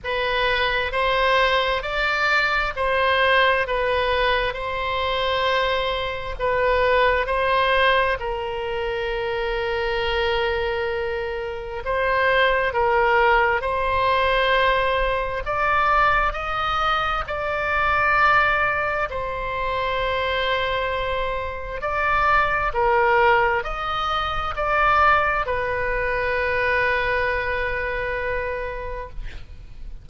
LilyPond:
\new Staff \with { instrumentName = "oboe" } { \time 4/4 \tempo 4 = 66 b'4 c''4 d''4 c''4 | b'4 c''2 b'4 | c''4 ais'2.~ | ais'4 c''4 ais'4 c''4~ |
c''4 d''4 dis''4 d''4~ | d''4 c''2. | d''4 ais'4 dis''4 d''4 | b'1 | }